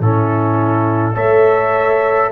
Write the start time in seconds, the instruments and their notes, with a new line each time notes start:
0.00 tuba A2, trombone C#4, horn E4, trumpet A4
1.14 tuba A3, trombone A4, horn C#5, trumpet E5